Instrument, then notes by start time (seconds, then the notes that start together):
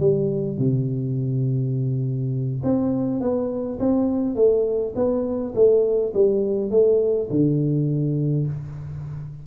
tuba
0.00 G3
0.58 C3
2.63 C4
3.21 B3
3.80 C4
4.36 A3
4.96 B3
5.55 A3
6.14 G3
6.71 A3
7.30 D3